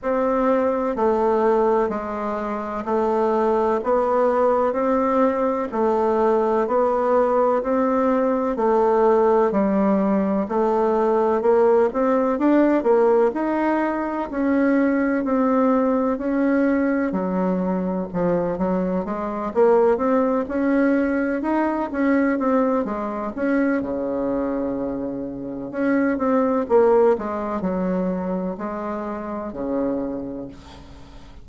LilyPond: \new Staff \with { instrumentName = "bassoon" } { \time 4/4 \tempo 4 = 63 c'4 a4 gis4 a4 | b4 c'4 a4 b4 | c'4 a4 g4 a4 | ais8 c'8 d'8 ais8 dis'4 cis'4 |
c'4 cis'4 fis4 f8 fis8 | gis8 ais8 c'8 cis'4 dis'8 cis'8 c'8 | gis8 cis'8 cis2 cis'8 c'8 | ais8 gis8 fis4 gis4 cis4 | }